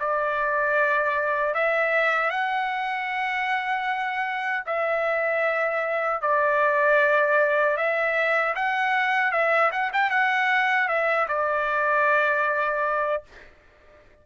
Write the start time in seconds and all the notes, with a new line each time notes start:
0.00 D5
1.54 E5
2.31 F#5
4.66 E5
6.22 D5
7.77 E5
8.56 F#5
9.32 E5
9.72 F#5
9.94 G5
10.11 F#5
10.88 E5
11.28 D5